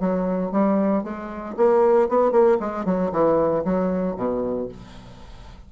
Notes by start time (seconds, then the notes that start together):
0.00 F#3
0.51 G3
1.03 G#3
1.57 A#3
2.09 B3
2.31 A#3
2.60 G#3
2.85 F#3
3.12 E3
3.65 F#3
4.16 B2